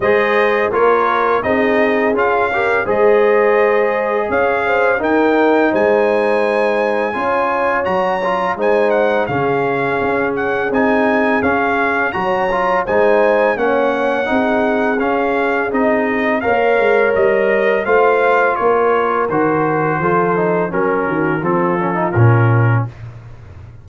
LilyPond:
<<
  \new Staff \with { instrumentName = "trumpet" } { \time 4/4 \tempo 4 = 84 dis''4 cis''4 dis''4 f''4 | dis''2 f''4 g''4 | gis''2. ais''4 | gis''8 fis''8 f''4. fis''8 gis''4 |
f''4 ais''4 gis''4 fis''4~ | fis''4 f''4 dis''4 f''4 | dis''4 f''4 cis''4 c''4~ | c''4 ais'4 a'4 ais'4 | }
  \new Staff \with { instrumentName = "horn" } { \time 4/4 c''4 ais'4 gis'4. ais'8 | c''2 cis''8 c''8 ais'4 | c''2 cis''2 | c''4 gis'2.~ |
gis'4 cis''4 c''4 cis''4 | gis'2. cis''4~ | cis''4 c''4 ais'2 | a'4 ais'8 fis'8 f'2 | }
  \new Staff \with { instrumentName = "trombone" } { \time 4/4 gis'4 f'4 dis'4 f'8 g'8 | gis'2. dis'4~ | dis'2 f'4 fis'8 f'8 | dis'4 cis'2 dis'4 |
cis'4 fis'8 f'8 dis'4 cis'4 | dis'4 cis'4 dis'4 ais'4~ | ais'4 f'2 fis'4 | f'8 dis'8 cis'4 c'8 cis'16 dis'16 cis'4 | }
  \new Staff \with { instrumentName = "tuba" } { \time 4/4 gis4 ais4 c'4 cis'4 | gis2 cis'4 dis'4 | gis2 cis'4 fis4 | gis4 cis4 cis'4 c'4 |
cis'4 fis4 gis4 ais4 | c'4 cis'4 c'4 ais8 gis8 | g4 a4 ais4 dis4 | f4 fis8 dis8 f4 ais,4 | }
>>